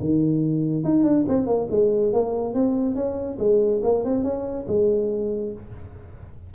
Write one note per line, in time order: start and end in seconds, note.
0.00 0.84 D#3
0.84 1.03 D#4
1.03 1.25 D4
1.28 1.46 C4
1.46 1.68 A#3
1.70 2.13 G#3
2.13 2.54 A#3
2.54 2.95 C4
2.95 3.38 C#4
3.38 3.81 G#3
3.83 4.04 A#3
4.04 4.24 C4
4.24 4.66 C#4
4.68 5.53 G#3